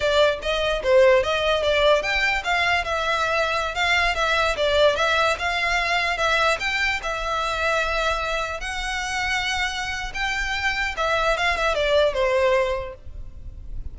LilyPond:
\new Staff \with { instrumentName = "violin" } { \time 4/4 \tempo 4 = 148 d''4 dis''4 c''4 dis''4 | d''4 g''4 f''4 e''4~ | e''4~ e''16 f''4 e''4 d''8.~ | d''16 e''4 f''2 e''8.~ |
e''16 g''4 e''2~ e''8.~ | e''4~ e''16 fis''2~ fis''8.~ | fis''4 g''2 e''4 | f''8 e''8 d''4 c''2 | }